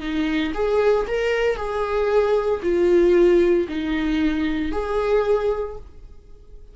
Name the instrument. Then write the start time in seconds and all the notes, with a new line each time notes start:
viola
0.00 D#4
0.54 G#4
1.07 A#4
1.56 G#4
2.63 F4
3.68 D#4
4.72 G#4